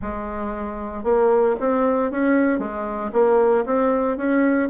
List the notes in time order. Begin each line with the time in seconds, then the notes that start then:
0.02 G#3
1.03 A#3
1.59 C4
2.11 C#4
2.58 G#3
3.12 A#3
3.65 C4
4.17 C#4